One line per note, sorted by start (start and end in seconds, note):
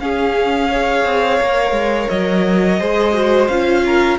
0.00 0.70 C#4
0.00 1.05 C#4
0.00 0.70 G#4
0.00 2.09 F5
0.70 1.42 G#4
0.70 2.79 C#5
1.05 1.40 C4
1.41 1.72 A#3
1.41 2.80 A#4
1.72 2.07 G#3
2.09 2.81 F#3
2.09 3.48 D#5
2.79 3.49 G#3
2.79 3.14 G#4
2.79 3.84 C5
3.14 3.49 F#4
3.48 4.19 C#4
3.48 4.19 F4
3.48 4.17 F5
3.86 4.19 A#4